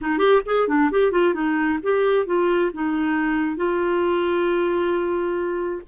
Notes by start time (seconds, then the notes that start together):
0.01 D#4
0.18 G4
0.45 G#4
0.67 D4
0.91 G4
1.11 F4
1.33 D#4
1.82 G4
2.26 F4
2.73 D#4
3.56 F4